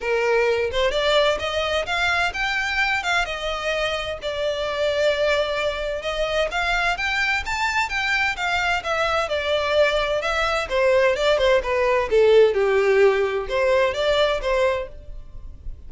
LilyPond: \new Staff \with { instrumentName = "violin" } { \time 4/4 \tempo 4 = 129 ais'4. c''8 d''4 dis''4 | f''4 g''4. f''8 dis''4~ | dis''4 d''2.~ | d''4 dis''4 f''4 g''4 |
a''4 g''4 f''4 e''4 | d''2 e''4 c''4 | d''8 c''8 b'4 a'4 g'4~ | g'4 c''4 d''4 c''4 | }